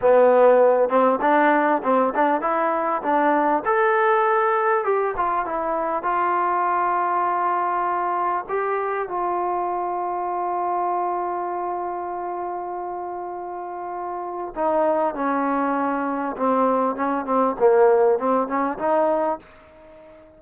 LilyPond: \new Staff \with { instrumentName = "trombone" } { \time 4/4 \tempo 4 = 99 b4. c'8 d'4 c'8 d'8 | e'4 d'4 a'2 | g'8 f'8 e'4 f'2~ | f'2 g'4 f'4~ |
f'1~ | f'1 | dis'4 cis'2 c'4 | cis'8 c'8 ais4 c'8 cis'8 dis'4 | }